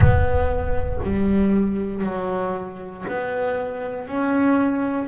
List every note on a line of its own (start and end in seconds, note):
0.00 0.99 B3
1.03 2.03 G3
2.03 3.05 F#3
3.07 4.07 B3
4.07 5.08 C#4